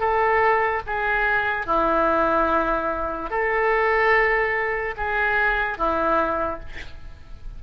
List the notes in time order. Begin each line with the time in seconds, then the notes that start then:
0.00 A4
0.87 G#4
1.67 E4
3.30 A4
4.97 G#4
5.78 E4